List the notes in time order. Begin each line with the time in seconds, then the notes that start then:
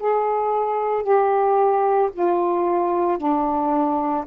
0.00 G#4
1.03 G4
2.13 F4
3.18 D4